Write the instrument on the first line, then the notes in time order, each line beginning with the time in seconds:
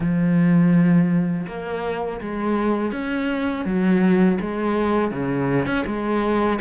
cello
0.00 F3
1.47 A#3
2.20 G#3
2.91 C#4
3.65 F#3
4.40 G#3
5.11 C#3
5.65 C#4
5.86 G#3